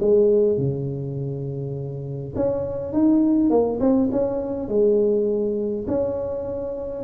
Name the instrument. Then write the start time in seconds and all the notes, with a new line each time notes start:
tuba
0.00 G#3
0.57 C#3
2.36 C#4
2.93 D#4
3.50 A#3
3.80 C4
4.12 C#4
4.68 G#3
5.87 C#4